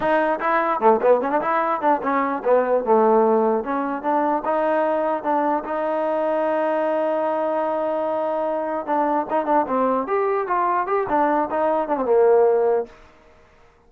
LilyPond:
\new Staff \with { instrumentName = "trombone" } { \time 4/4 \tempo 4 = 149 dis'4 e'4 a8 b8 cis'16 d'16 e'8~ | e'8 d'8 cis'4 b4 a4~ | a4 cis'4 d'4 dis'4~ | dis'4 d'4 dis'2~ |
dis'1~ | dis'2 d'4 dis'8 d'8 | c'4 g'4 f'4 g'8 d'8~ | d'8 dis'4 d'16 c'16 ais2 | }